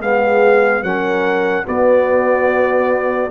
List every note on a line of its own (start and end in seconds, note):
0.00 0.83 G#3
0.00 0.84 B3
0.00 0.83 G#4
0.00 0.83 F5
0.83 1.66 F#3
0.83 1.64 C#4
0.83 1.65 A#4
0.83 1.67 F#5
1.64 3.31 B3
1.64 3.31 F#4
1.64 3.31 D5